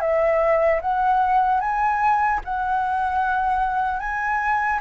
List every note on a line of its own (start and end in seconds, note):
0.00 0.80 E5
0.81 1.60 F#5
1.60 2.40 G#5
2.44 3.99 F#5
3.99 4.79 G#5